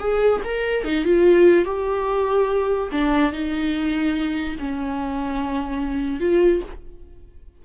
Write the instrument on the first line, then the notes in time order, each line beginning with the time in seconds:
viola
0.00 G#4
0.45 A#4
0.85 D#4
1.05 F4
1.66 G4
2.92 D4
3.33 D#4
4.60 C#4
6.21 F4